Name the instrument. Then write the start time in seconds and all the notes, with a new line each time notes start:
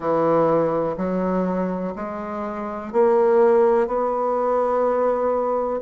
bassoon
0.00 E3
0.97 F#3
1.95 G#3
2.92 A#3
3.87 B3